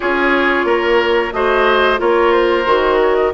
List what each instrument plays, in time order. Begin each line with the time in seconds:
0.00 bassoon C#4, clarinet F4, oboe G#4, flute C#5
0.64 bassoon A#3, oboe A#4
1.32 bassoon A3, clarinet F#4, oboe C5, flute D#5
1.97 bassoon A#3, clarinet F4, oboe A#4, flute C#5
2.32 flute C5
2.65 bassoon D#3, clarinet F#4
3.02 flute C#5
3.15 flute D#5